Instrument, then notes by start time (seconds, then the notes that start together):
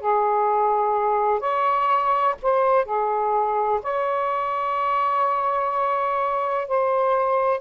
saxophone
0.00 G#4
1.39 C#5
2.42 C5
2.85 G#4
3.83 C#5
6.68 C5